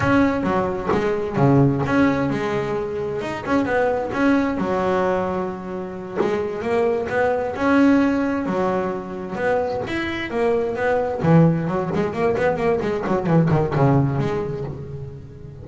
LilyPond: \new Staff \with { instrumentName = "double bass" } { \time 4/4 \tempo 4 = 131 cis'4 fis4 gis4 cis4 | cis'4 gis2 dis'8 cis'8 | b4 cis'4 fis2~ | fis4. gis4 ais4 b8~ |
b8 cis'2 fis4.~ | fis8 b4 e'4 ais4 b8~ | b8 e4 fis8 gis8 ais8 b8 ais8 | gis8 fis8 e8 dis8 cis4 gis4 | }